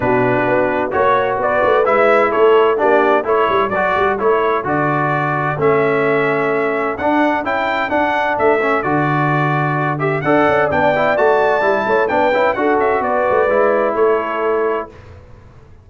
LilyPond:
<<
  \new Staff \with { instrumentName = "trumpet" } { \time 4/4 \tempo 4 = 129 b'2 cis''4 d''4 | e''4 cis''4 d''4 cis''4 | d''4 cis''4 d''2 | e''2. fis''4 |
g''4 fis''4 e''4 d''4~ | d''4. e''8 fis''4 g''4 | a''2 g''4 fis''8 e''8 | d''2 cis''2 | }
  \new Staff \with { instrumentName = "horn" } { \time 4/4 fis'2 cis''4 b'4~ | b'4 a'4 g'4 a'4~ | a'1~ | a'1~ |
a'1~ | a'2 d''2~ | d''4. cis''8 b'4 a'4 | b'2 a'2 | }
  \new Staff \with { instrumentName = "trombone" } { \time 4/4 d'2 fis'2 | e'2 d'4 e'4 | fis'4 e'4 fis'2 | cis'2. d'4 |
e'4 d'4. cis'8 fis'4~ | fis'4. g'8 a'4 d'8 e'8 | fis'4 e'4 d'8 e'8 fis'4~ | fis'4 e'2. | }
  \new Staff \with { instrumentName = "tuba" } { \time 4/4 b,4 b4 ais4 b8 a8 | gis4 a4 ais4 a8 g8 | fis8 g8 a4 d2 | a2. d'4 |
cis'4 d'4 a4 d4~ | d2 d'8 cis'8 b4 | a4 g8 a8 b8 cis'8 d'8 cis'8 | b8 a8 gis4 a2 | }
>>